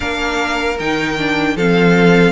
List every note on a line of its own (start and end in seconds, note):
0.00 0.79 A#3
0.00 0.76 D4
0.00 1.54 A#4
0.00 0.78 F5
0.79 1.56 D#3
0.79 1.18 D#4
0.79 1.57 G5
1.18 1.57 D4
1.56 2.31 F3
1.56 2.31 C4
1.56 2.31 A4
1.56 2.31 F5